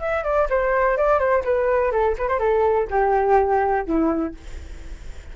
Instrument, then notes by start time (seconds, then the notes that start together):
flute
0.00 E5
0.24 D5
0.50 C5
0.97 D5
1.19 C5
1.45 B4
1.92 A4
2.18 B4
2.29 C5
2.39 A4
2.91 G4
3.86 E4